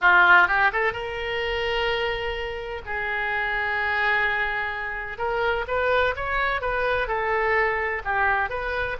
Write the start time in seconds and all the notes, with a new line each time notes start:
0.01 F4
0.47 G4
0.72 A4
0.92 A#4
2.85 G#4
5.17 A#4
5.67 B4
6.16 C#5
6.61 B4
7.07 A4
8.04 G4
8.49 B4